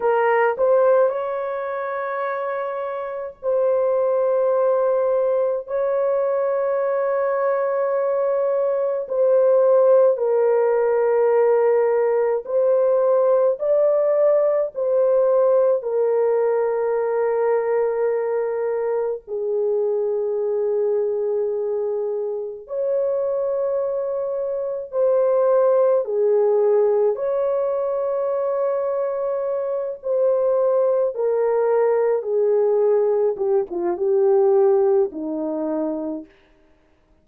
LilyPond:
\new Staff \with { instrumentName = "horn" } { \time 4/4 \tempo 4 = 53 ais'8 c''8 cis''2 c''4~ | c''4 cis''2. | c''4 ais'2 c''4 | d''4 c''4 ais'2~ |
ais'4 gis'2. | cis''2 c''4 gis'4 | cis''2~ cis''8 c''4 ais'8~ | ais'8 gis'4 g'16 f'16 g'4 dis'4 | }